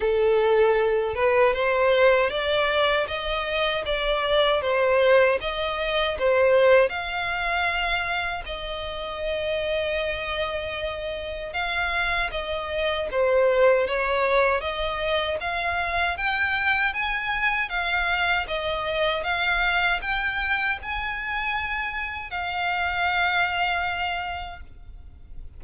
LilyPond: \new Staff \with { instrumentName = "violin" } { \time 4/4 \tempo 4 = 78 a'4. b'8 c''4 d''4 | dis''4 d''4 c''4 dis''4 | c''4 f''2 dis''4~ | dis''2. f''4 |
dis''4 c''4 cis''4 dis''4 | f''4 g''4 gis''4 f''4 | dis''4 f''4 g''4 gis''4~ | gis''4 f''2. | }